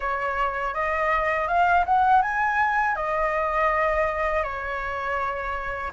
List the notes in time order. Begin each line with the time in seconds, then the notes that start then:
0.00 C#5
0.74 D#5
1.47 F5
1.85 F#5
2.22 G#5
2.95 D#5
4.43 C#5